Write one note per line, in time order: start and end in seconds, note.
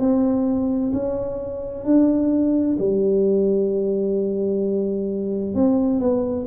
0.00 0.92 C4
0.94 1.85 C#4
1.85 2.77 D4
2.79 5.55 G3
5.55 6.00 C4
6.00 6.46 B3